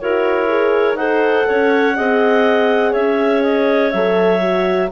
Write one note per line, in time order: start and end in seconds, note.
0.00 0.95 E4
0.00 0.48 F#4
0.00 0.98 A#4
0.00 0.97 C#5
0.48 0.97 G#4
0.95 1.44 D#4
0.95 1.97 A4
0.95 1.47 C5
0.95 2.94 F#5
1.48 1.99 C#4
1.48 1.97 C#5
1.97 2.95 C4
1.97 3.93 G#4
1.97 2.92 D#5
2.92 3.93 C#4
2.92 4.88 C#5
2.92 3.43 E5
3.43 3.91 D#5
3.91 4.92 F#3
3.91 4.41 A4
3.91 4.90 E5
4.41 4.90 F#4